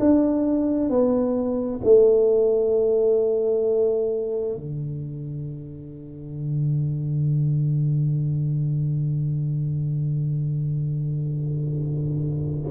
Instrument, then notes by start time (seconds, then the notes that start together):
tuba
0.00 D4
0.90 B3
1.84 A3
4.56 D3